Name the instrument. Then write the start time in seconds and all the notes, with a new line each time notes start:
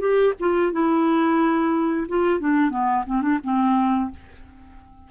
clarinet
0.00 G4
0.40 F4
0.72 E4
2.09 F4
2.40 D4
2.71 B3
3.06 C4
3.22 D4
3.44 C4